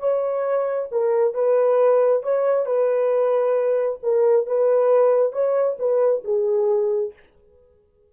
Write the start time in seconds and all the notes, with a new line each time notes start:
0.00 C#5
0.92 A#4
1.35 B4
2.23 C#5
2.66 B4
4.03 A#4
4.47 B4
5.33 C#5
5.80 B4
6.25 G#4